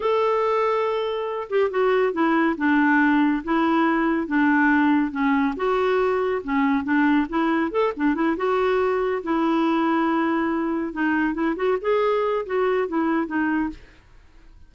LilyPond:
\new Staff \with { instrumentName = "clarinet" } { \time 4/4 \tempo 4 = 140 a'2.~ a'8 g'8 | fis'4 e'4 d'2 | e'2 d'2 | cis'4 fis'2 cis'4 |
d'4 e'4 a'8 d'8 e'8 fis'8~ | fis'4. e'2~ e'8~ | e'4. dis'4 e'8 fis'8 gis'8~ | gis'4 fis'4 e'4 dis'4 | }